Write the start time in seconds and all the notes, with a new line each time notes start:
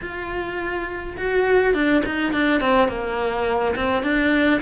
0.01 F4
1.17 F#4
1.74 D4
2.05 D#4
2.33 D4
2.60 C4
2.88 A#3
3.75 C4
4.03 D4